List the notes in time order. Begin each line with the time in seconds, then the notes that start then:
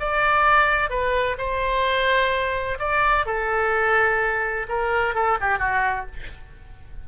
0.00 D5
0.90 B4
1.38 C5
2.79 D5
3.26 A4
4.69 A#4
5.15 A4
5.41 G4
5.59 F#4